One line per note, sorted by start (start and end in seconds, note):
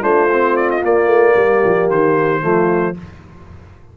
0.00 0.83 A3
0.00 0.28 D4
0.00 1.34 F4
0.00 0.56 C5
0.32 0.81 C4
0.56 0.70 D5
0.70 0.84 D#5
0.81 2.41 A#3
0.81 1.06 A#3
0.81 1.90 D5
1.06 1.33 A3
1.36 1.63 G3
1.36 2.43 G4
1.65 1.89 F3
1.89 2.43 D#3
1.89 2.97 C5
2.41 2.96 F3
2.41 2.94 A3
2.41 2.96 F4